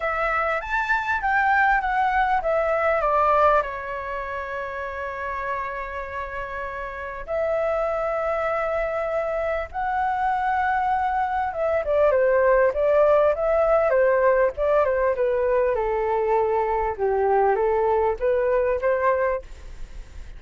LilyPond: \new Staff \with { instrumentName = "flute" } { \time 4/4 \tempo 4 = 99 e''4 a''4 g''4 fis''4 | e''4 d''4 cis''2~ | cis''1 | e''1 |
fis''2. e''8 d''8 | c''4 d''4 e''4 c''4 | d''8 c''8 b'4 a'2 | g'4 a'4 b'4 c''4 | }